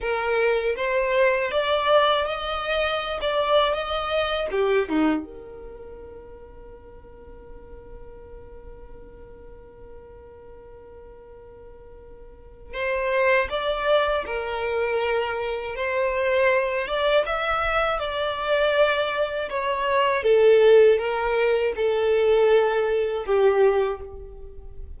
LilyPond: \new Staff \with { instrumentName = "violin" } { \time 4/4 \tempo 4 = 80 ais'4 c''4 d''4 dis''4~ | dis''16 d''8. dis''4 g'8 dis'8 ais'4~ | ais'1~ | ais'1~ |
ais'4 c''4 d''4 ais'4~ | ais'4 c''4. d''8 e''4 | d''2 cis''4 a'4 | ais'4 a'2 g'4 | }